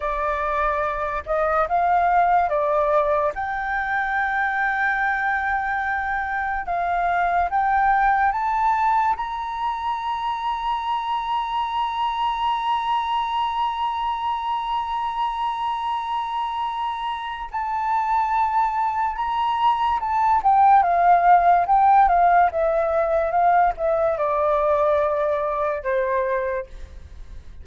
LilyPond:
\new Staff \with { instrumentName = "flute" } { \time 4/4 \tempo 4 = 72 d''4. dis''8 f''4 d''4 | g''1 | f''4 g''4 a''4 ais''4~ | ais''1~ |
ais''1~ | ais''4 a''2 ais''4 | a''8 g''8 f''4 g''8 f''8 e''4 | f''8 e''8 d''2 c''4 | }